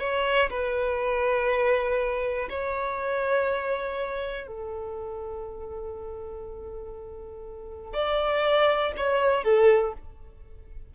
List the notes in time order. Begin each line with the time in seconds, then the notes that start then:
0.00 C#5
0.50 B4
2.50 C#5
4.47 A4
7.93 D5
8.97 C#5
9.44 A4